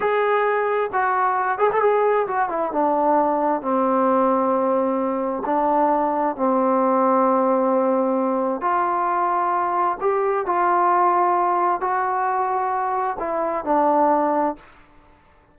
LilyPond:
\new Staff \with { instrumentName = "trombone" } { \time 4/4 \tempo 4 = 132 gis'2 fis'4. gis'16 a'16 | gis'4 fis'8 e'8 d'2 | c'1 | d'2 c'2~ |
c'2. f'4~ | f'2 g'4 f'4~ | f'2 fis'2~ | fis'4 e'4 d'2 | }